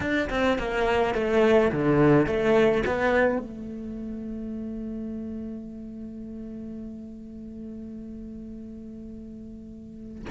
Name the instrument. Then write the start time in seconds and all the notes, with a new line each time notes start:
cello
0.00 D4
0.29 C4
0.58 A#3
1.14 A3
1.71 D3
2.26 A3
2.86 B3
3.39 A3